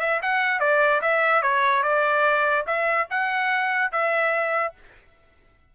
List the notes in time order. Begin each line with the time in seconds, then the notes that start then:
0.00 E5
0.22 F#5
0.60 D5
1.02 E5
1.43 C#5
1.83 D5
2.67 E5
3.10 F#5
3.92 E5